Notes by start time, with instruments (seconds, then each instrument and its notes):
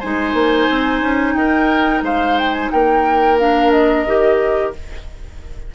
0.00 bassoon G#3, clarinet D#4, oboe C5, flute G#5
0.34 bassoon A#3
0.70 bassoon C4
1.02 bassoon C#4
1.35 bassoon D#4, oboe A#4, flute G5
2.02 bassoon G#3, oboe C5, flute F5
2.39 flute G5
2.53 flute G#5
2.72 bassoon A#3, oboe A#4, flute G5
3.39 clarinet D4, flute F5
3.72 flute D#5
4.07 bassoon D#3, clarinet G4